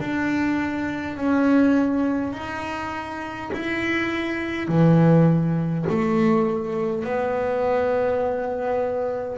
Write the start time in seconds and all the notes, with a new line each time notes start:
0.00 D4
1.16 C#4
2.33 D#4
3.53 E4
4.67 E3
5.89 A3
7.04 B3